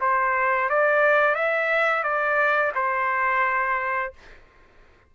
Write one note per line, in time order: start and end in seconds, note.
0.00 0.69 C5
0.69 1.35 D5
1.35 2.03 E5
2.03 2.72 D5
2.75 4.13 C5